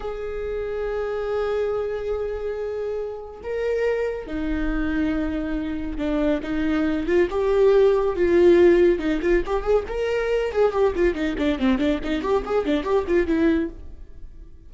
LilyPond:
\new Staff \with { instrumentName = "viola" } { \time 4/4 \tempo 4 = 140 gis'1~ | gis'1 | ais'2 dis'2~ | dis'2 d'4 dis'4~ |
dis'8 f'8 g'2 f'4~ | f'4 dis'8 f'8 g'8 gis'8 ais'4~ | ais'8 gis'8 g'8 f'8 dis'8 d'8 c'8 d'8 | dis'8 g'8 gis'8 d'8 g'8 f'8 e'4 | }